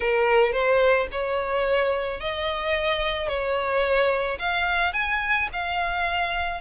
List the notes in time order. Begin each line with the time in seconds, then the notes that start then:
0.00 A#4
0.52 C5
1.11 C#5
2.20 D#5
3.28 C#5
4.39 F5
4.93 G#5
5.52 F5